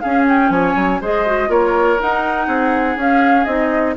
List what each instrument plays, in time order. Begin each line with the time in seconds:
0.00 clarinet C#4, bassoon C#4, oboe G#4, flute F5
0.28 flute G5
0.49 bassoon F3, oboe C#5, flute G#5
0.76 bassoon F#3
1.01 bassoon G#3, clarinet G#4, oboe C5, flute D#5
1.26 clarinet F#4
1.47 bassoon A#3, clarinet F4, oboe A#4, flute C#5
2.00 clarinet D#4, bassoon D#4, flute F#5
2.47 bassoon C4, oboe G#4
2.96 bassoon C#4, clarinet C#4, flute F5
3.44 bassoon C4, clarinet D#4, flute D#5